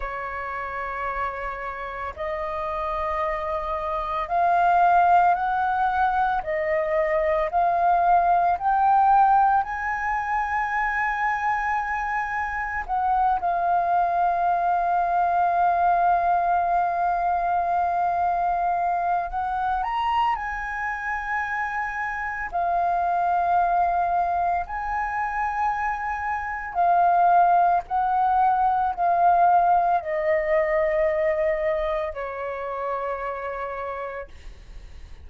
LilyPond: \new Staff \with { instrumentName = "flute" } { \time 4/4 \tempo 4 = 56 cis''2 dis''2 | f''4 fis''4 dis''4 f''4 | g''4 gis''2. | fis''8 f''2.~ f''8~ |
f''2 fis''8 ais''8 gis''4~ | gis''4 f''2 gis''4~ | gis''4 f''4 fis''4 f''4 | dis''2 cis''2 | }